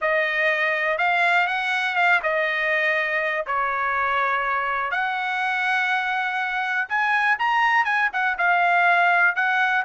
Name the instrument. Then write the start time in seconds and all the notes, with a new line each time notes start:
trumpet
0.01 D#5
0.98 F5
1.47 F#5
1.95 F5
2.22 D#5
3.46 C#5
4.91 F#5
6.88 G#5
7.38 A#5
7.84 G#5
8.13 F#5
8.38 F5
9.35 F#5